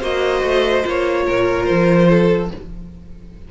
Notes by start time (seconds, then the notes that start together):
0.00 A#3 F#4 C5 D#5
0.42 A3
0.83 A#3 F4 C#5
1.26 A#2 A#4
1.65 F3 C5
2.09 A4